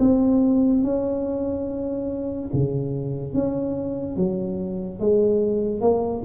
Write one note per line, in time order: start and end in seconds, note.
0.00 0.83 C4
0.84 2.50 C#4
2.54 3.34 C#3
3.34 4.17 C#4
4.17 5.00 F#3
5.00 5.81 G#3
5.81 6.23 A#3